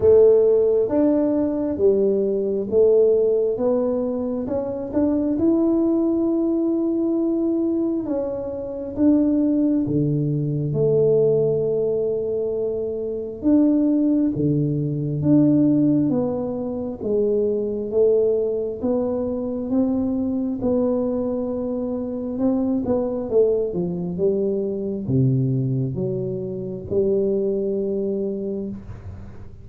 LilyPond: \new Staff \with { instrumentName = "tuba" } { \time 4/4 \tempo 4 = 67 a4 d'4 g4 a4 | b4 cis'8 d'8 e'2~ | e'4 cis'4 d'4 d4 | a2. d'4 |
d4 d'4 b4 gis4 | a4 b4 c'4 b4~ | b4 c'8 b8 a8 f8 g4 | c4 fis4 g2 | }